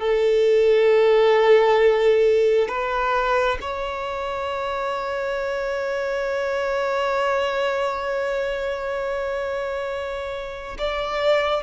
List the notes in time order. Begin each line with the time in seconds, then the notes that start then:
0.00 A4
2.68 B4
3.61 C#5
10.78 D5